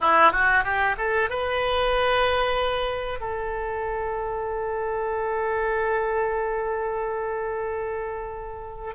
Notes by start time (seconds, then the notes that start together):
0.01 E4
0.32 F#4
0.64 G4
0.97 A4
1.29 B4
3.19 A4